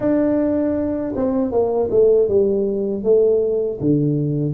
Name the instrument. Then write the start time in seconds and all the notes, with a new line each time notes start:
tuba
0.00 D4
1.15 C4
1.51 A#3
1.90 A3
2.28 G3
3.03 A3
3.80 D3